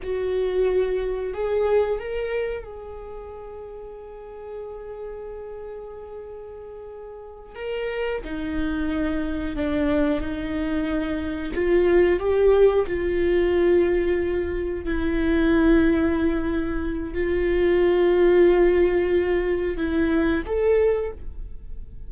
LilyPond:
\new Staff \with { instrumentName = "viola" } { \time 4/4 \tempo 4 = 91 fis'2 gis'4 ais'4 | gis'1~ | gis'2.~ gis'8 ais'8~ | ais'8 dis'2 d'4 dis'8~ |
dis'4. f'4 g'4 f'8~ | f'2~ f'8 e'4.~ | e'2 f'2~ | f'2 e'4 a'4 | }